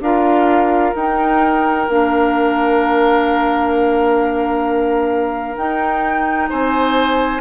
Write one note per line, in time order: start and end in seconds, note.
0.00 0.92 D4
0.00 0.95 F4
0.00 6.49 A#4
0.00 0.94 F5
0.94 1.87 D#4
0.94 1.88 D#4
0.94 1.88 G5
1.88 5.56 A#3
1.88 5.57 D4
1.88 5.56 F5
5.56 6.48 D#4
5.56 7.40 D#4
5.56 6.48 G5
6.49 7.40 C4
6.49 7.40 C5
6.49 7.40 G#5